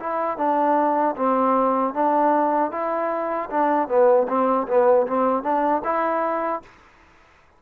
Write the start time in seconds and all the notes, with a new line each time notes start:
0.00 E4
0.38 D4
1.17 C4
1.94 D4
2.72 E4
3.51 D4
3.89 B3
4.29 C4
4.68 B3
5.08 C4
5.43 D4
5.85 E4